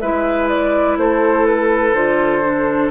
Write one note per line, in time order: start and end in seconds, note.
0.00 0.97 G#3
0.00 1.94 E4
0.00 0.98 B4
0.00 0.48 E5
0.49 0.97 D5
0.97 1.93 A3
0.97 2.90 A4
0.97 1.46 C5
1.46 1.94 B4
1.93 2.90 D3
1.93 2.43 F4
1.93 2.90 C5
2.43 2.90 D4